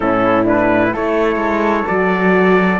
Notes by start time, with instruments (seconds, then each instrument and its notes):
0.00 cello A2, horn C#4, flute E4, trumpet A4
0.44 horn D4, trumpet B4
0.92 cello A3, horn E4, flute A4, trumpet C#5
1.36 cello G#3
1.86 cello F#3, horn F#4, trumpet D5